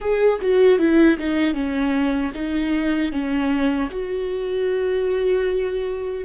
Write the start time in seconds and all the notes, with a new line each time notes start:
0.00 G#4
0.41 F#4
0.78 E4
1.18 D#4
1.54 C#4
2.34 D#4
3.12 C#4
3.90 F#4